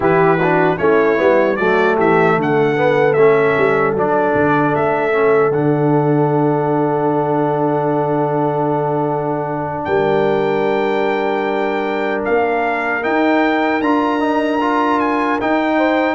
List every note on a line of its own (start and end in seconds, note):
0.00 0.75 E3
0.00 0.38 E4
0.00 0.37 G4
0.00 0.77 B4
0.37 0.77 D4
0.37 0.77 F#4
0.77 1.19 A3
0.77 1.17 C#4
0.77 1.58 E4
0.77 1.56 C#5
1.17 1.59 G3
1.17 1.56 B3
1.56 1.98 F#3
1.56 2.76 A3
1.56 1.96 F#4
1.56 1.95 D5
1.96 2.37 E3
1.96 2.35 G4
1.96 2.39 E5
2.36 3.16 D3
2.36 9.86 A4
2.36 3.13 F#5
2.76 3.16 B3
3.13 3.55 A3
3.13 3.96 C#4
3.13 3.92 E5
3.58 3.93 G3
3.93 4.33 F#3
3.93 5.12 D4
3.93 4.75 D5
4.34 4.74 D3
4.75 5.51 A3
4.75 5.52 E5
5.12 5.51 C#4
5.51 9.85 D3
5.51 13.02 D4
5.51 9.84 F#5
9.84 12.23 G3
9.84 15.77 A#4
9.84 12.21 G5
12.25 13.04 A#3
12.25 13.03 F5
13.02 13.81 D#4
13.02 13.80 D#4
13.02 13.81 G5
13.80 15.38 D4
13.80 14.19 F4
13.80 14.99 A#5
14.19 14.59 D#4
14.60 15.39 F4
14.99 15.39 G#5
15.40 16.14 D#4
15.40 16.14 G5
15.77 16.14 C5